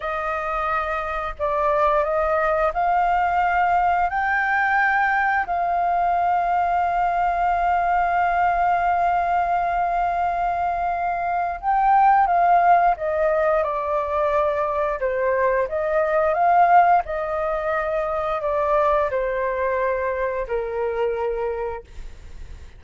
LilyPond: \new Staff \with { instrumentName = "flute" } { \time 4/4 \tempo 4 = 88 dis''2 d''4 dis''4 | f''2 g''2 | f''1~ | f''1~ |
f''4 g''4 f''4 dis''4 | d''2 c''4 dis''4 | f''4 dis''2 d''4 | c''2 ais'2 | }